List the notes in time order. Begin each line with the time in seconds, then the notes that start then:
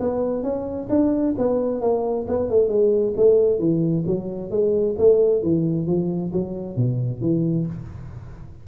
0.00 B3
0.43 C#4
0.90 D4
1.38 B3
1.81 A#3
2.28 B3
2.50 A3
2.69 G#3
3.17 A3
3.59 E3
4.07 F#3
4.51 G#3
4.98 A3
5.43 E3
5.87 F3
6.33 F#3
6.76 B2
7.21 E3